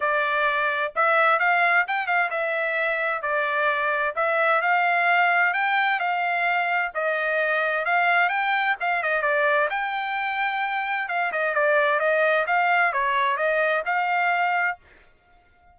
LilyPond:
\new Staff \with { instrumentName = "trumpet" } { \time 4/4 \tempo 4 = 130 d''2 e''4 f''4 | g''8 f''8 e''2 d''4~ | d''4 e''4 f''2 | g''4 f''2 dis''4~ |
dis''4 f''4 g''4 f''8 dis''8 | d''4 g''2. | f''8 dis''8 d''4 dis''4 f''4 | cis''4 dis''4 f''2 | }